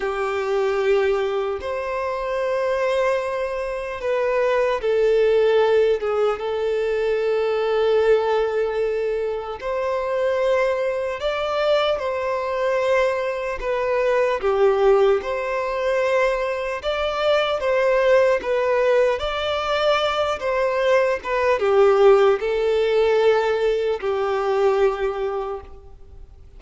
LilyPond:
\new Staff \with { instrumentName = "violin" } { \time 4/4 \tempo 4 = 75 g'2 c''2~ | c''4 b'4 a'4. gis'8 | a'1 | c''2 d''4 c''4~ |
c''4 b'4 g'4 c''4~ | c''4 d''4 c''4 b'4 | d''4. c''4 b'8 g'4 | a'2 g'2 | }